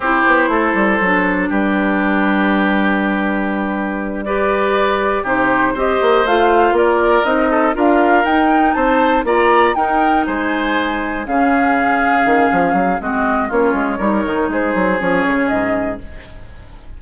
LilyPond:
<<
  \new Staff \with { instrumentName = "flute" } { \time 4/4 \tempo 4 = 120 c''2. b'4~ | b'1~ | b'8 d''2 c''4 dis''8~ | dis''8 f''4 d''4 dis''4 f''8~ |
f''8 g''4 a''4 ais''4 g''8~ | g''8 gis''2 f''4.~ | f''2 dis''4 cis''4~ | cis''4 c''4 cis''4 dis''4 | }
  \new Staff \with { instrumentName = "oboe" } { \time 4/4 g'4 a'2 g'4~ | g'1~ | g'8 b'2 g'4 c''8~ | c''4. ais'4. a'8 ais'8~ |
ais'4. c''4 d''4 ais'8~ | ais'8 c''2 gis'4.~ | gis'2 fis'4 f'4 | ais'4 gis'2. | }
  \new Staff \with { instrumentName = "clarinet" } { \time 4/4 e'2 d'2~ | d'1~ | d'8 g'2 dis'4 g'8~ | g'8 f'2 dis'4 f'8~ |
f'8 dis'2 f'4 dis'8~ | dis'2~ dis'8 cis'4.~ | cis'2 c'4 cis'4 | dis'2 cis'2 | }
  \new Staff \with { instrumentName = "bassoon" } { \time 4/4 c'8 b8 a8 g8 fis4 g4~ | g1~ | g2~ g8 c4 c'8 | ais8 a4 ais4 c'4 d'8~ |
d'8 dis'4 c'4 ais4 dis'8~ | dis'8 gis2 cis4.~ | cis8 dis8 f8 fis8 gis4 ais8 gis8 | g8 dis8 gis8 fis8 f8 cis8 gis,4 | }
>>